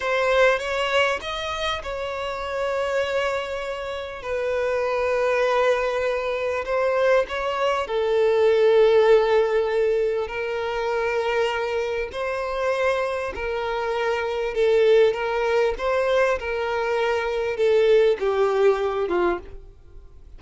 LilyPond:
\new Staff \with { instrumentName = "violin" } { \time 4/4 \tempo 4 = 99 c''4 cis''4 dis''4 cis''4~ | cis''2. b'4~ | b'2. c''4 | cis''4 a'2.~ |
a'4 ais'2. | c''2 ais'2 | a'4 ais'4 c''4 ais'4~ | ais'4 a'4 g'4. f'8 | }